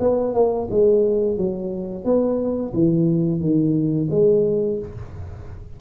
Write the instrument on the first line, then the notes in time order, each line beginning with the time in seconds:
tuba
0.00 B3
0.34 A#3
0.71 G#3
1.37 F#3
2.04 B3
2.74 E3
3.40 D#3
4.10 G#3